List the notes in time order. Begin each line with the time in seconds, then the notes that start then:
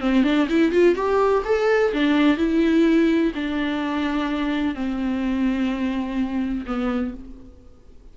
0.00 C4
0.24 D4
0.48 E4
0.71 F4
0.95 G4
1.45 A4
1.93 D4
2.37 E4
3.34 D4
4.75 C4
6.66 B3